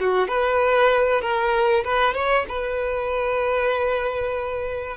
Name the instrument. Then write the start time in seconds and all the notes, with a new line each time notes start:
violin
0.00 F#4
0.28 B4
1.21 A#4
1.84 B4
2.14 C#5
2.49 B4